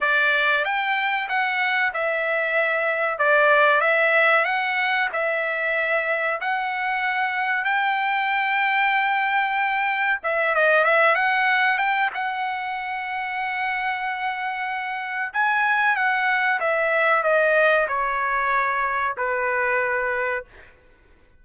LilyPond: \new Staff \with { instrumentName = "trumpet" } { \time 4/4 \tempo 4 = 94 d''4 g''4 fis''4 e''4~ | e''4 d''4 e''4 fis''4 | e''2 fis''2 | g''1 |
e''8 dis''8 e''8 fis''4 g''8 fis''4~ | fis''1 | gis''4 fis''4 e''4 dis''4 | cis''2 b'2 | }